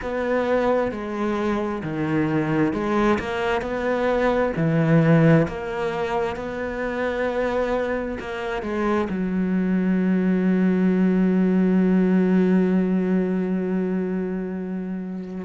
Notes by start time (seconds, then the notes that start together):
0.02 B3
0.91 G#3
1.83 D#3
2.73 G#3
3.19 A#3
3.61 B3
4.56 E3
5.47 A#3
6.36 B3
8.19 A#3
8.62 G#3
9.09 F#3